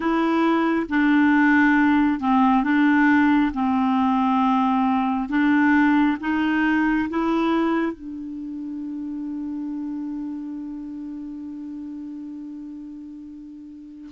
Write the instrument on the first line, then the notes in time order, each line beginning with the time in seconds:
clarinet
0.00 E4
0.89 D4
2.20 C4
2.63 D4
3.53 C4
5.29 D4
6.20 D#4
7.09 E4
7.92 D4